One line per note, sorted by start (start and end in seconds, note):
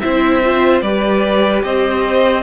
0.00 0.82 C4
0.00 0.43 E4
0.00 0.84 C5
0.00 0.81 E5
0.44 0.83 F4
0.82 1.63 G3
0.82 2.43 G4
0.82 1.65 B4
0.82 1.63 D5
1.64 2.43 C4
1.64 2.43 C5
1.64 2.43 D#5